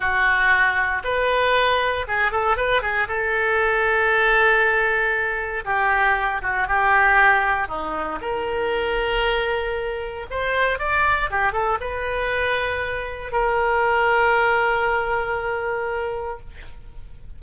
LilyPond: \new Staff \with { instrumentName = "oboe" } { \time 4/4 \tempo 4 = 117 fis'2 b'2 | gis'8 a'8 b'8 gis'8 a'2~ | a'2. g'4~ | g'8 fis'8 g'2 dis'4 |
ais'1 | c''4 d''4 g'8 a'8 b'4~ | b'2 ais'2~ | ais'1 | }